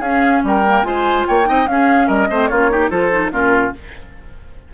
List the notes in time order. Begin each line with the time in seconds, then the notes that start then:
0.00 C#4 G#4 F5
0.44 G3 A#4 G5
0.67 A#3
0.83 G#3 F4 C5 G#5
1.28 A#3 C#5 G5
1.45 C4 D#4 D#5
1.67 C#4 G#4 F5
2.08 G3 A#4 D#5
2.30 A3 C4 C5
2.48 A#3 C#4 F4 C#5
2.70 D#4 G4
2.90 F3 F4 A4 C5
3.11 D#4
3.31 A#2 C#4 F4 A#4